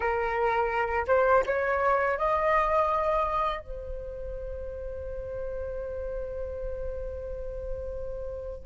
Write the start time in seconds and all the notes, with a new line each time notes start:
0.00 A#4
1.07 C5
1.46 C#5
2.18 D#5
3.59 C5